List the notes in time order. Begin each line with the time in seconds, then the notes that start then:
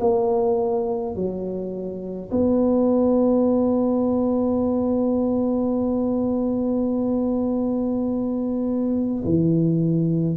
0.00 A#3
1.15 F#3
2.31 B3
9.24 E3